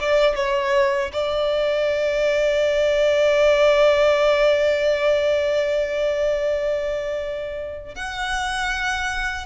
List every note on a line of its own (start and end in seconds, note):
0.00 0.35 D5
0.35 1.11 C#5
1.13 7.95 D5
7.95 9.46 F#5